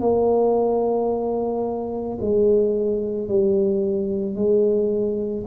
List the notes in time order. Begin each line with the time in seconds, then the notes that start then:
0.00 A#3
2.21 G#3
3.28 G3
4.35 G#3